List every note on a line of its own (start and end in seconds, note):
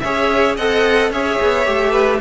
0.00 0.58 C#4
0.00 0.59 G#4
0.00 0.56 C#5
0.00 0.55 E5
0.56 1.10 C4
0.56 1.12 A4
0.56 1.11 D#5
0.56 1.12 F#5
1.10 1.38 C#4
1.10 1.65 G#4
1.10 1.91 C#5
1.10 2.21 E5
1.42 1.67 B3
1.65 2.21 A3
1.65 2.19 G4
1.91 2.18 B4